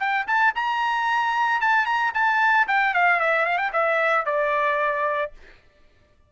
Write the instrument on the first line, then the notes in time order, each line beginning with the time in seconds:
trumpet
0.00 G5
0.28 A5
0.56 A#5
1.61 A5
1.86 A#5
2.15 A5
2.68 G5
2.94 F5
3.21 E5
3.46 F5
3.58 G5
3.73 E5
4.26 D5